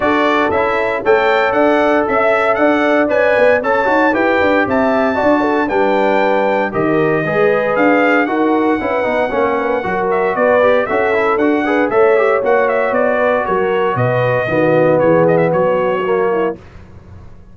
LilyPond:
<<
  \new Staff \with { instrumentName = "trumpet" } { \time 4/4 \tempo 4 = 116 d''4 e''4 g''4 fis''4 | e''4 fis''4 gis''4 a''4 | g''4 a''2 g''4~ | g''4 dis''2 f''4 |
fis''2.~ fis''8 e''8 | d''4 e''4 fis''4 e''4 | fis''8 e''8 d''4 cis''4 dis''4~ | dis''4 cis''8 dis''16 e''16 cis''2 | }
  \new Staff \with { instrumentName = "horn" } { \time 4/4 a'2 cis''4 d''4 | e''4 d''2 cis''4 | b'4 e''4 d''8 a'8 b'4~ | b'4 ais'4 b'2 |
ais'4 b'4 cis''8 b'8 ais'4 | b'4 a'4. b'8 cis''4~ | cis''4. b'8 ais'4 b'4 | fis'4 gis'4 fis'4. e'8 | }
  \new Staff \with { instrumentName = "trombone" } { \time 4/4 fis'4 e'4 a'2~ | a'2 b'4 a'8 fis'8 | g'2 fis'4 d'4~ | d'4 g'4 gis'2 |
fis'4 e'8 dis'8 cis'4 fis'4~ | fis'8 g'8 fis'8 e'8 fis'8 gis'8 a'8 g'8 | fis'1 | b2. ais4 | }
  \new Staff \with { instrumentName = "tuba" } { \time 4/4 d'4 cis'4 a4 d'4 | cis'4 d'4 cis'8 b8 cis'8 dis'8 | e'8 d'8 c'4 d'4 g4~ | g4 dis4 gis4 d'4 |
dis'4 cis'8 b8 ais4 fis4 | b4 cis'4 d'4 a4 | ais4 b4 fis4 b,4 | dis4 e4 fis2 | }
>>